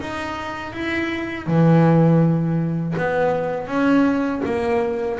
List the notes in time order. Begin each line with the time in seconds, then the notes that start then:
0.00 D#4
0.72 E4
1.46 E3
2.97 B3
3.67 C#4
4.45 A#3